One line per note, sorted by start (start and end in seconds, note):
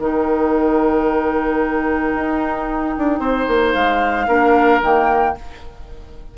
0.00 2.14 D#3
0.00 4.29 D#4
0.00 3.20 A#4
0.00 3.74 G5
2.16 2.96 D#4
2.98 3.20 D4
3.20 3.47 C4
3.20 4.27 C5
3.48 3.75 A#3
3.74 4.28 G#3
3.74 4.81 F5
4.28 4.81 A#3
4.28 4.82 D4
4.28 5.35 A#4
4.82 5.36 D#3
4.82 5.36 A#3
4.82 5.38 G5